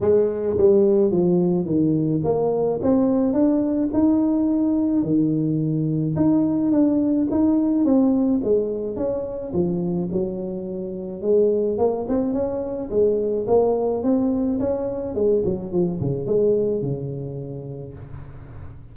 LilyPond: \new Staff \with { instrumentName = "tuba" } { \time 4/4 \tempo 4 = 107 gis4 g4 f4 dis4 | ais4 c'4 d'4 dis'4~ | dis'4 dis2 dis'4 | d'4 dis'4 c'4 gis4 |
cis'4 f4 fis2 | gis4 ais8 c'8 cis'4 gis4 | ais4 c'4 cis'4 gis8 fis8 | f8 cis8 gis4 cis2 | }